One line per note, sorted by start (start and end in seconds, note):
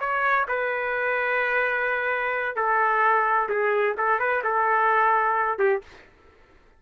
0.00 0.47 C#5
0.49 2.56 B4
2.56 3.49 A4
3.49 3.96 G#4
3.98 4.20 A4
4.20 4.43 B4
4.44 5.59 A4
5.59 5.82 G4